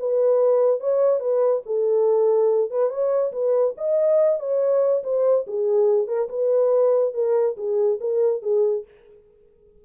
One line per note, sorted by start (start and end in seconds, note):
0.00 0.81 B4
0.81 1.20 C#5
1.20 1.63 B4
1.66 2.71 A4
2.71 2.90 B4
2.90 3.32 C#5
3.33 3.75 B4
3.78 4.40 D#5
4.40 5.03 C#5
5.04 5.46 C5
5.47 6.08 G#4
6.08 6.29 A#4
6.30 7.14 B4
7.14 7.57 A#4
7.57 8.00 G#4
8.01 8.43 A#4
8.43 8.85 G#4